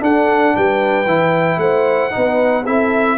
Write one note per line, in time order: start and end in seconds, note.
0.00 1.05 D4
0.00 0.54 D4
0.00 0.55 A4
0.00 0.56 F#5
0.56 1.06 G3
0.56 1.60 B4
0.56 1.60 G5
1.06 1.57 E3
1.06 2.11 E4
1.57 2.10 A3
1.57 2.13 C5
1.57 2.65 F#5
2.11 2.67 B3
2.11 2.63 D#4
2.11 2.65 B4
2.65 3.18 C4
2.65 3.18 E4
2.65 3.18 A4
2.65 3.18 E5